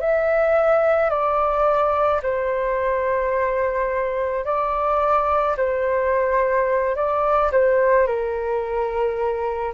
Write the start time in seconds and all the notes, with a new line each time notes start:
0.00 E5
1.10 D5
2.22 C5
4.45 D5
5.57 C5
6.95 D5
7.52 C5
8.07 A#4